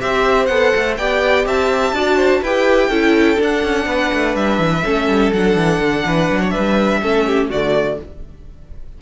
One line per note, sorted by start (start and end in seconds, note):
0.00 0.49 C4
0.00 0.48 G4
0.00 0.99 C5
0.00 0.46 E5
0.46 0.73 B3
0.46 0.99 A4
0.46 0.94 F#5
0.76 0.98 A3
0.97 1.46 B3
0.97 1.95 G4
0.97 1.46 D5
0.97 1.46 G5
1.46 1.92 C4
1.46 1.95 E5
1.46 2.43 A5
1.92 2.41 D4
1.92 2.43 F#4
1.92 2.16 D5
2.16 2.40 C5
2.42 2.89 E4
2.42 2.91 G4
2.42 2.89 B4
2.42 3.40 G5
2.89 3.37 C#4
2.89 3.36 E4
2.89 3.86 A4
3.36 4.82 D4
3.36 3.64 D4
3.43 4.36 F#5
3.64 3.86 C#4
3.86 4.10 B3
3.86 4.84 B4
4.14 4.36 A3
4.36 4.59 G3
4.36 5.32 E5
4.59 4.83 E3
4.84 5.07 A3
4.84 5.33 C#4
4.84 6.05 A4
5.07 5.32 G3
5.32 5.55 F#3
5.32 7.02 D4
5.32 6.50 F#5
5.55 5.80 E3
5.80 6.04 D3
6.06 6.30 E3
6.06 6.41 B4
6.31 6.55 F#3
6.41 6.52 C#5
6.50 7.01 B4
6.50 7.47 E5
6.57 7.02 G3
7.02 7.50 A3
7.02 7.51 C#4
7.02 7.26 A4
7.26 7.50 G4
7.50 7.98 D3
7.50 8.01 A3
7.50 7.98 F#4
7.50 7.99 D5